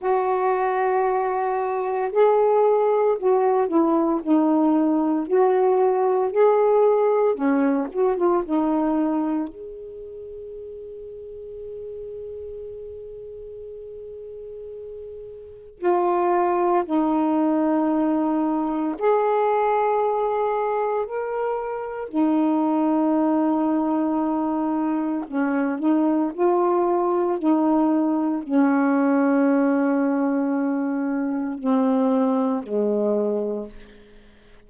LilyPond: \new Staff \with { instrumentName = "saxophone" } { \time 4/4 \tempo 4 = 57 fis'2 gis'4 fis'8 e'8 | dis'4 fis'4 gis'4 cis'8 fis'16 f'16 | dis'4 gis'2.~ | gis'2. f'4 |
dis'2 gis'2 | ais'4 dis'2. | cis'8 dis'8 f'4 dis'4 cis'4~ | cis'2 c'4 gis4 | }